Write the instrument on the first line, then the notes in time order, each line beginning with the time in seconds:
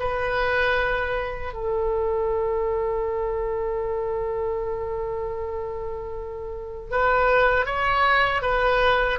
oboe
0.00 B4
1.54 A4
6.91 B4
7.66 C#5
8.42 B4